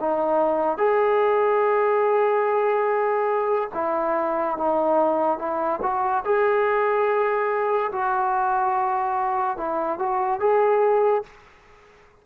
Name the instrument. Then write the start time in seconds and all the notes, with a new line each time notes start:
trombone
0.00 D#4
0.78 G#4
3.74 E4
4.57 D#4
5.39 E4
5.82 F#4
6.25 G#4
7.92 F#4
9.57 E4
9.99 F#4
10.40 G#4